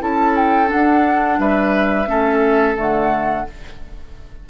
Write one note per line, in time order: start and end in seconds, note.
0.00 0.70 C#4
0.00 0.67 E4
0.00 1.39 A4
0.00 0.36 A5
0.36 0.71 G5
0.67 2.05 D4
0.67 1.40 F#5
0.74 1.39 D4
1.39 2.07 G3
1.39 2.09 B4
1.39 2.77 E5
2.07 2.76 A3
2.07 2.76 C#4
2.07 3.47 A4
2.76 3.46 D3
2.76 3.45 A3
2.76 3.49 F#5